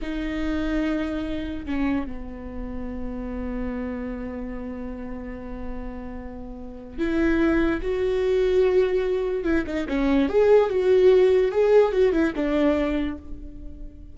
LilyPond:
\new Staff \with { instrumentName = "viola" } { \time 4/4 \tempo 4 = 146 dis'1 | cis'4 b2.~ | b1~ | b1~ |
b4 e'2 fis'4~ | fis'2. e'8 dis'8 | cis'4 gis'4 fis'2 | gis'4 fis'8 e'8 d'2 | }